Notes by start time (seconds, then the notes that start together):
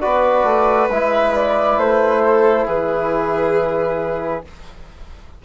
0.00 B3 F#4 B4 D5
0.43 A3
0.90 G#3 E4 E5
1.35 D5
1.77 A3 C5
2.22 A4
2.66 E3 G#4 B4